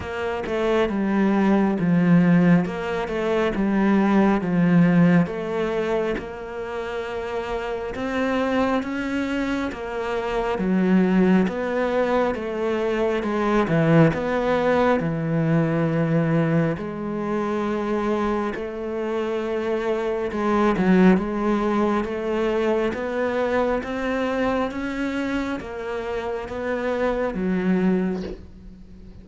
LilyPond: \new Staff \with { instrumentName = "cello" } { \time 4/4 \tempo 4 = 68 ais8 a8 g4 f4 ais8 a8 | g4 f4 a4 ais4~ | ais4 c'4 cis'4 ais4 | fis4 b4 a4 gis8 e8 |
b4 e2 gis4~ | gis4 a2 gis8 fis8 | gis4 a4 b4 c'4 | cis'4 ais4 b4 fis4 | }